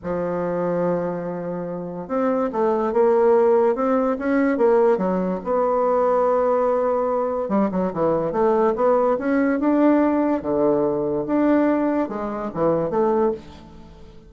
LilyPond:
\new Staff \with { instrumentName = "bassoon" } { \time 4/4 \tempo 4 = 144 f1~ | f4 c'4 a4 ais4~ | ais4 c'4 cis'4 ais4 | fis4 b2.~ |
b2 g8 fis8 e4 | a4 b4 cis'4 d'4~ | d'4 d2 d'4~ | d'4 gis4 e4 a4 | }